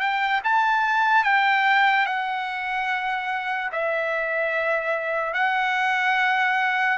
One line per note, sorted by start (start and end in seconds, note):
0.00 0.41 G5
0.44 1.24 A5
1.24 2.06 G5
2.06 3.71 F#5
3.72 5.33 E5
5.33 6.98 F#5